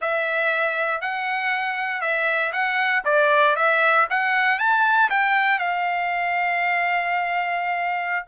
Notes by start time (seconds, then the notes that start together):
0.01 E5
1.01 F#5
2.01 E5
2.52 F#5
3.05 D5
3.56 E5
4.09 F#5
4.59 A5
5.10 G5
5.58 F5